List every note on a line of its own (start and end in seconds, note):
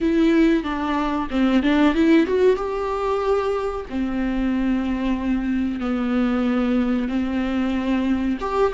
0.00 0.63 E4
0.63 1.28 D4
1.30 1.62 C4
1.62 1.94 D4
1.94 2.26 E4
2.26 2.56 F#4
2.56 3.85 G4
3.89 5.80 C4
5.80 7.08 B3
7.08 8.37 C4
8.40 8.72 G4